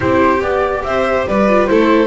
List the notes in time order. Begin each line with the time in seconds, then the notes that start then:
0.00 C4 E4 G4 C5
0.40 B3 G4 D5
0.83 C4 C5 E5
1.27 G3 B4 D5
1.48 F4
1.66 A3 E4 A4 C5